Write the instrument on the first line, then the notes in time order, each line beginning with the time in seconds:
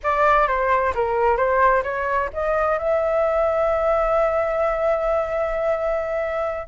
flute
0.03 D5
0.47 C5
0.94 A#4
1.36 C5
1.83 C#5
2.33 D#5
2.78 E5